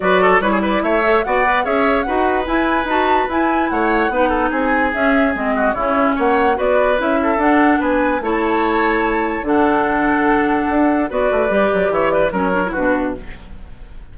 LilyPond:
<<
  \new Staff \with { instrumentName = "flute" } { \time 4/4 \tempo 4 = 146 d''4 cis''8 d''8 e''4 fis''4 | e''4 fis''4 gis''4 a''4 | gis''4 fis''2 gis''4 | e''4 dis''4 cis''4 fis''4 |
d''4 e''4 fis''4 gis''4 | a''2. fis''4~ | fis''2. d''4~ | d''4 e''8 d''8 cis''4 b'4 | }
  \new Staff \with { instrumentName = "oboe" } { \time 4/4 b'8 a'8 b'16 gis'16 b'8 cis''4 d''4 | cis''4 b'2.~ | b'4 cis''4 b'8 a'8 gis'4~ | gis'4. fis'8 e'4 cis''4 |
b'4. a'4. b'4 | cis''2. a'4~ | a'2. b'4~ | b'4 cis''8 b'8 ais'4 fis'4 | }
  \new Staff \with { instrumentName = "clarinet" } { \time 4/4 fis'4 e'4. a'8 fis'8 b'8 | gis'4 fis'4 e'4 fis'4 | e'2 dis'2 | cis'4 c'4 cis'2 |
fis'4 e'4 d'2 | e'2. d'4~ | d'2. fis'4 | g'2 cis'8 d'16 e'16 d'4 | }
  \new Staff \with { instrumentName = "bassoon" } { \time 4/4 fis4 g4 a4 b4 | cis'4 dis'4 e'4 dis'4 | e'4 a4 b4 c'4 | cis'4 gis4 cis4 ais4 |
b4 cis'4 d'4 b4 | a2. d4~ | d2 d'4 b8 a8 | g8 fis8 e4 fis4 b,4 | }
>>